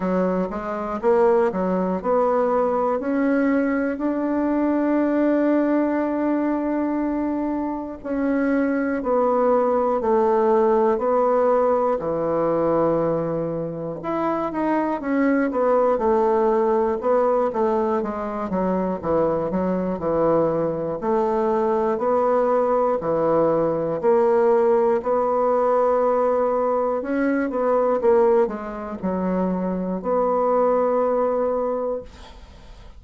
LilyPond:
\new Staff \with { instrumentName = "bassoon" } { \time 4/4 \tempo 4 = 60 fis8 gis8 ais8 fis8 b4 cis'4 | d'1 | cis'4 b4 a4 b4 | e2 e'8 dis'8 cis'8 b8 |
a4 b8 a8 gis8 fis8 e8 fis8 | e4 a4 b4 e4 | ais4 b2 cis'8 b8 | ais8 gis8 fis4 b2 | }